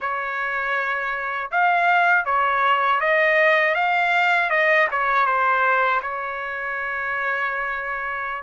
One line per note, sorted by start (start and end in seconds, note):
0.00 1.50 C#5
1.51 2.25 F5
2.25 3.00 C#5
3.00 3.75 D#5
3.75 4.50 F5
4.50 4.87 D#5
4.91 5.25 C#5
5.25 6.00 C5
6.02 8.42 C#5